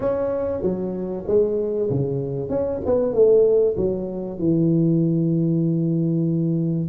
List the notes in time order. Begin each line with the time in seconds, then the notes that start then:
0.00 C#4
0.61 F#3
1.27 G#3
1.90 C#3
2.49 C#4
2.85 B3
3.12 A3
3.77 F#3
4.38 E3